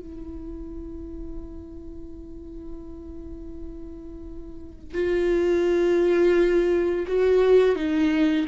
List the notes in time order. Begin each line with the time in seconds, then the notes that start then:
0.00 E4
4.94 F4
7.07 F#4
7.76 D#4